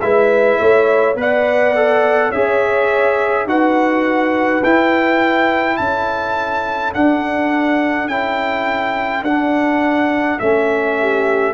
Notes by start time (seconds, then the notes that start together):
0.00 G#3 E4 B4 E5
0.59 A3 C#5
1.15 B3 B4 D5 F#5
1.75 A4
2.29 C#4 G#4 C#5 E5
3.45 D#4 F#4 B4 F#5
4.63 E4 G5
5.76 C#4 A4 A5
6.94 D4 F#5
8.07 C#4 E4 G5
9.22 D4 F#5
10.39 A3 C#4 E5
11.00 G4